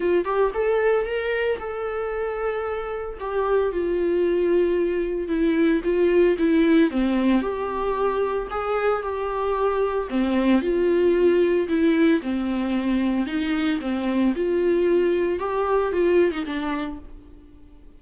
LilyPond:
\new Staff \with { instrumentName = "viola" } { \time 4/4 \tempo 4 = 113 f'8 g'8 a'4 ais'4 a'4~ | a'2 g'4 f'4~ | f'2 e'4 f'4 | e'4 c'4 g'2 |
gis'4 g'2 c'4 | f'2 e'4 c'4~ | c'4 dis'4 c'4 f'4~ | f'4 g'4 f'8. dis'16 d'4 | }